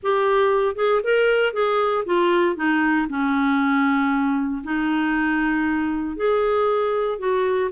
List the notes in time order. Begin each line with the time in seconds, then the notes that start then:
0.03 G4
0.75 G#4
1.03 A#4
1.53 G#4
2.05 F4
2.56 D#4
3.09 C#4
4.63 D#4
6.16 G#4
7.19 F#4